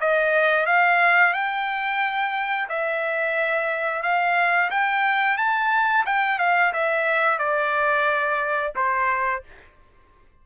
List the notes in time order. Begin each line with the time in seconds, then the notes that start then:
0.00 D#5
0.66 F5
1.33 G5
2.69 E5
4.02 F5
4.70 G5
5.37 A5
6.05 G5
6.38 F5
6.73 E5
7.38 D5
8.75 C5